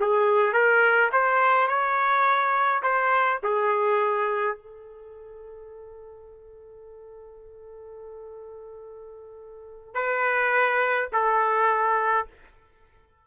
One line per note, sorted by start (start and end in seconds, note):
0.00 0.53 G#4
0.53 1.10 A#4
1.12 1.68 C5
1.68 2.82 C#5
2.83 3.40 C5
3.43 4.57 G#4
4.57 9.94 A4
9.94 11.09 B4
11.13 12.27 A4